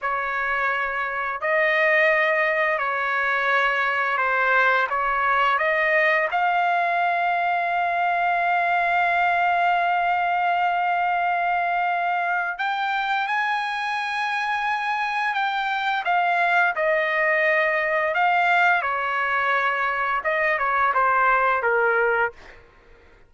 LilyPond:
\new Staff \with { instrumentName = "trumpet" } { \time 4/4 \tempo 4 = 86 cis''2 dis''2 | cis''2 c''4 cis''4 | dis''4 f''2.~ | f''1~ |
f''2 g''4 gis''4~ | gis''2 g''4 f''4 | dis''2 f''4 cis''4~ | cis''4 dis''8 cis''8 c''4 ais'4 | }